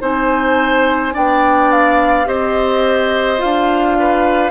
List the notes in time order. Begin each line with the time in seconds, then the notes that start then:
0.00 C4 D#4 C5 G#5
1.13 B3 D4 D5 G5
1.71 F5
2.25 C4 G4 C5 D#5
3.37 F4 F5
3.44 D4
3.99 B4